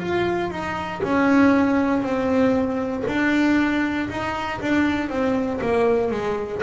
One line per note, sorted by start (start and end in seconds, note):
0.00 0.51 F4
0.51 1.02 D#4
1.04 2.02 C#4
2.02 3.04 C4
3.08 4.10 D4
4.10 4.61 D#4
4.61 5.09 D4
5.09 5.60 C4
5.61 6.12 A#3
6.12 6.62 G#3